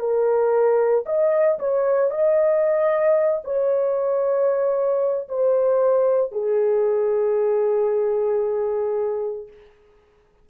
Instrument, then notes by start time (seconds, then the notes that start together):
horn
0.00 A#4
1.06 D#5
1.59 C#5
2.11 D#5
3.44 C#5
5.29 C5
6.32 G#4